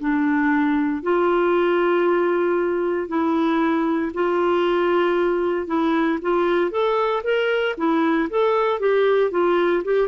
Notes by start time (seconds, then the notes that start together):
0.00 D4
1.03 F4
3.08 E4
4.14 F4
5.67 E4
6.22 F4
6.71 A4
7.24 A#4
7.77 E4
8.30 A4
8.80 G4
9.31 F4
9.84 G4